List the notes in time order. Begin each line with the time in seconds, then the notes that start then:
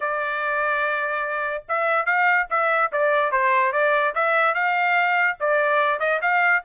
0.00 D5
1.68 E5
2.05 F5
2.50 E5
2.92 D5
3.31 C5
3.72 D5
4.15 E5
4.54 F5
5.40 D5
5.99 D#5
6.21 F5